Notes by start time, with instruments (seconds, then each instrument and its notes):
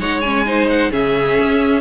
0.00 cello G#3, viola D#4, violin C#5 F#5
0.21 viola C#4, violin G#5
0.46 viola D#4, violin C5
0.70 violin F#5
0.91 cello C#3, viola C#4, violin G#4 E5
1.40 cello C#4